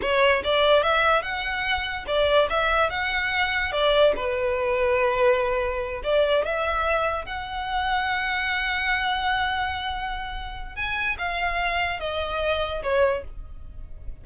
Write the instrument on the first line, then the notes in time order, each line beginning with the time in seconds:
violin
0.01 C#5
0.44 D5
0.83 E5
1.22 F#5
2.07 D5
2.49 E5
2.90 F#5
3.71 D5
4.15 B4
6.03 D5
6.45 E5
7.25 F#5
10.75 G#5
11.18 F5
11.99 D#5
12.82 C#5